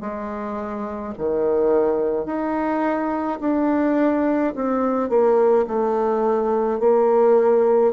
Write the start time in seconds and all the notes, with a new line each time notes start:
0.00 G#3
1.18 D#3
2.25 D#4
3.40 D4
4.55 C4
5.09 A#3
5.67 A3
6.79 A#3